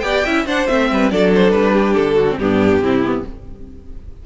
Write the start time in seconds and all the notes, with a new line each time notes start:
0.00 B3 G4 D5 G5
0.25 C#4 E4 E5
0.46 D4 C5 F#5
0.67 A3 C4 E5
0.92 G3 B4
1.11 F#3 D4 A4 D5
1.35 C5
1.51 G3 B4
1.73 G4
1.95 D3 A4
2.15 F#4
2.30 C4
2.37 G2 B3 D4 G4
2.81 C3 C4 E4
3.04 B3